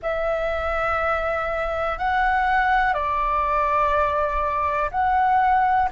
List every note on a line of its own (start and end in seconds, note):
0.02 1.98 E5
1.98 2.93 F#5
2.93 4.90 D5
4.90 5.89 F#5